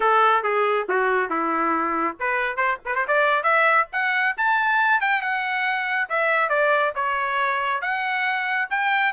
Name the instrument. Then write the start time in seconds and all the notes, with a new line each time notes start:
trumpet
0.00 A4
0.43 G#4
0.88 F#4
1.29 E4
2.19 B4
2.56 C5
2.85 B4
2.95 C5
3.07 D5
3.43 E5
3.92 F#5
4.37 A5
5.00 G5
5.21 F#5
6.09 E5
6.49 D5
6.95 C#5
7.81 F#5
8.70 G5